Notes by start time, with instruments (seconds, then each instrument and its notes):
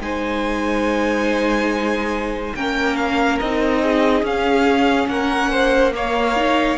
0.00 cello G#3, viola D#4, violin C5 G#5
2.55 cello A#3, viola C#4, violin A#4 G5
2.96 violin F5
3.39 cello C4, viola D#4, violin D#5
3.83 violin G#4
4.22 cello C#4, viola C#4, violin F5
5.08 cello A#3, violin A#4 F#5
5.51 violin C5
5.93 viola A#3, violin C#5 F5
6.36 viola D#4